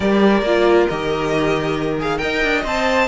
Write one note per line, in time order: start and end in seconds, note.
0.00 0.42 G3
0.00 0.44 G4
0.00 2.18 A#4
0.00 0.87 D5
0.42 0.86 A#3
0.42 0.90 F4
0.87 2.22 D#3
0.87 2.00 G4
0.87 1.97 D#5
2.00 2.18 G#4
2.00 2.18 F5
2.18 2.43 D#4
2.18 2.62 A#4
2.18 3.07 D#5
2.18 2.62 G5
2.43 2.65 D4
2.64 3.07 C4
2.64 3.07 C5
2.64 3.07 A5